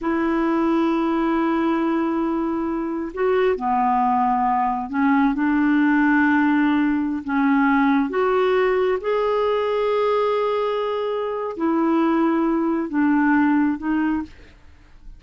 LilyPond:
\new Staff \with { instrumentName = "clarinet" } { \time 4/4 \tempo 4 = 135 e'1~ | e'2. fis'4 | b2. cis'4 | d'1~ |
d'16 cis'2 fis'4.~ fis'16~ | fis'16 gis'2.~ gis'8.~ | gis'2 e'2~ | e'4 d'2 dis'4 | }